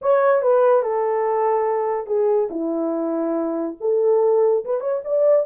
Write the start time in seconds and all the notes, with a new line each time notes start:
0.01 C#5
0.42 B4
0.82 A4
2.07 G#4
2.50 E4
3.80 A4
4.64 B4
4.80 C#5
5.04 D5